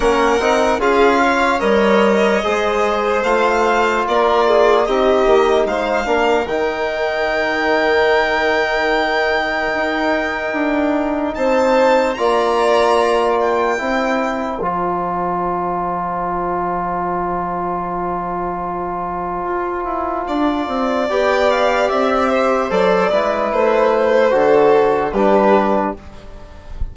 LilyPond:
<<
  \new Staff \with { instrumentName = "violin" } { \time 4/4 \tempo 4 = 74 fis''4 f''4 dis''2 | f''4 d''4 dis''4 f''4 | g''1~ | g''2 a''4 ais''4~ |
ais''8 g''4. a''2~ | a''1~ | a''2 g''8 f''8 e''4 | d''4 c''2 b'4 | }
  \new Staff \with { instrumentName = "violin" } { \time 4/4 ais'4 gis'8 cis''4. c''4~ | c''4 ais'8 gis'8 g'4 c''8 ais'8~ | ais'1~ | ais'2 c''4 d''4~ |
d''4 c''2.~ | c''1~ | c''4 d''2~ d''8 c''8~ | c''8 b'4. a'4 g'4 | }
  \new Staff \with { instrumentName = "trombone" } { \time 4/4 cis'8 dis'8 f'4 ais'4 gis'4 | f'2 dis'4. d'8 | dis'1~ | dis'2. f'4~ |
f'4 e'4 f'2~ | f'1~ | f'2 g'2 | a'8 e'4. fis'4 d'4 | }
  \new Staff \with { instrumentName = "bassoon" } { \time 4/4 ais8 c'8 cis'4 g4 gis4 | a4 ais4 c'8 ais8 gis8 ais8 | dis1 | dis'4 d'4 c'4 ais4~ |
ais4 c'4 f2~ | f1 | f'8 e'8 d'8 c'8 b4 c'4 | fis8 gis8 a4 d4 g4 | }
>>